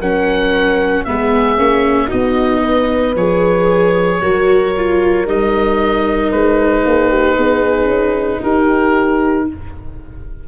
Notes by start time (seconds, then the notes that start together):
0.00 F#3 C#4 A#4 F#5
1.05 G#3 B3 G#4 E5
1.58 A#3 C#4
2.07 D#4 F#4 D#5
2.13 B3
2.63 B4
3.16 F3 G#4 C#5
4.22 F#3 F#4 A#4
4.77 F4
5.26 G3 D#4 D#5
6.32 G#3 B4
6.85 A#3 G#4
7.10 G4
7.36 B3 G#4
7.86 C#4
8.43 D#4 G4 A#4